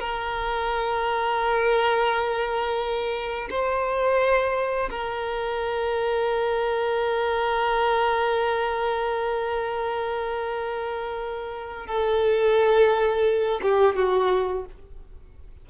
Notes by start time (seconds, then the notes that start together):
0.00 A#4
3.50 C5
4.91 A#4
11.87 A4
13.63 G4
13.96 F#4